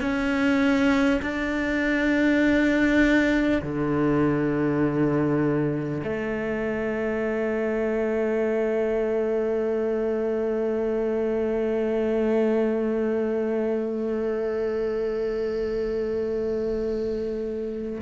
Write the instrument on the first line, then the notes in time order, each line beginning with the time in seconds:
cello
0.00 C#4
1.22 D4
3.62 D3
6.03 A3